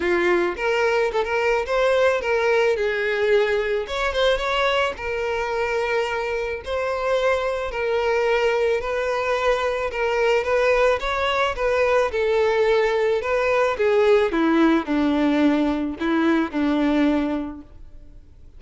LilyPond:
\new Staff \with { instrumentName = "violin" } { \time 4/4 \tempo 4 = 109 f'4 ais'4 a'16 ais'8. c''4 | ais'4 gis'2 cis''8 c''8 | cis''4 ais'2. | c''2 ais'2 |
b'2 ais'4 b'4 | cis''4 b'4 a'2 | b'4 gis'4 e'4 d'4~ | d'4 e'4 d'2 | }